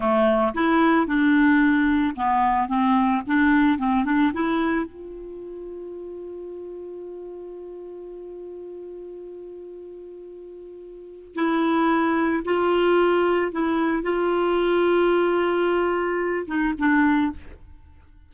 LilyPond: \new Staff \with { instrumentName = "clarinet" } { \time 4/4 \tempo 4 = 111 a4 e'4 d'2 | b4 c'4 d'4 c'8 d'8 | e'4 f'2.~ | f'1~ |
f'1~ | f'4 e'2 f'4~ | f'4 e'4 f'2~ | f'2~ f'8 dis'8 d'4 | }